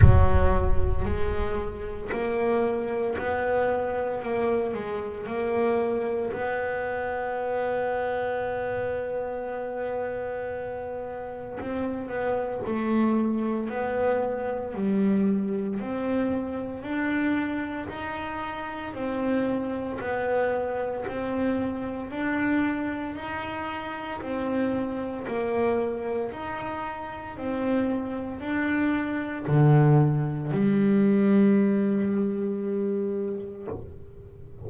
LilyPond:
\new Staff \with { instrumentName = "double bass" } { \time 4/4 \tempo 4 = 57 fis4 gis4 ais4 b4 | ais8 gis8 ais4 b2~ | b2. c'8 b8 | a4 b4 g4 c'4 |
d'4 dis'4 c'4 b4 | c'4 d'4 dis'4 c'4 | ais4 dis'4 c'4 d'4 | d4 g2. | }